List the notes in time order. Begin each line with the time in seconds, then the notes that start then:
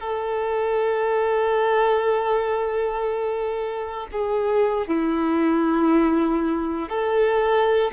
0.00 A4
4.12 G#4
4.88 E4
6.89 A4